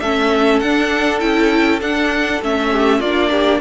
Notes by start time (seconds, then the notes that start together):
0.00 A3 C#4 A4 E5
0.60 D4 F#5
1.20 C#4 E4 G5
1.81 D4 F#5
2.42 A3 C#4 E5
2.71 G4
3.00 A#3 D4 F4 D5
3.31 G4